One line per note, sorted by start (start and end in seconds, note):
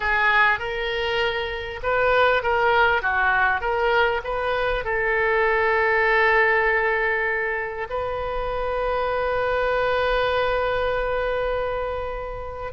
0.00 0.59 G#4
0.59 1.80 A#4
1.82 2.42 B4
2.42 3.01 A#4
3.01 3.60 F#4
3.60 4.21 A#4
4.24 4.84 B4
4.84 7.87 A4
7.89 12.72 B4